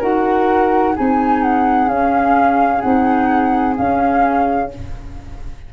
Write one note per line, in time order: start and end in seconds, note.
0.00 0.96 D#4
0.00 0.95 F#4
0.00 0.94 A#4
0.00 0.96 F#5
0.96 1.87 C4
0.96 1.89 D#4
0.96 4.71 G#4
0.96 1.43 G#5
1.43 1.89 F#5
1.87 2.81 C#4
1.87 2.83 C#4
1.87 2.81 F5
2.81 3.78 C4
2.81 3.76 D#4
2.81 3.75 F#5
3.76 4.69 C#4
3.76 4.73 C#4
3.76 4.71 F5